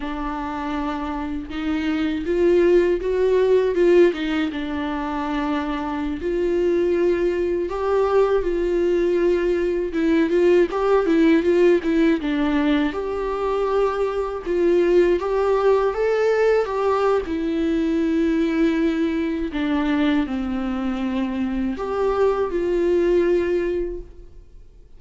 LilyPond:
\new Staff \with { instrumentName = "viola" } { \time 4/4 \tempo 4 = 80 d'2 dis'4 f'4 | fis'4 f'8 dis'8 d'2~ | d'16 f'2 g'4 f'8.~ | f'4~ f'16 e'8 f'8 g'8 e'8 f'8 e'16~ |
e'16 d'4 g'2 f'8.~ | f'16 g'4 a'4 g'8. e'4~ | e'2 d'4 c'4~ | c'4 g'4 f'2 | }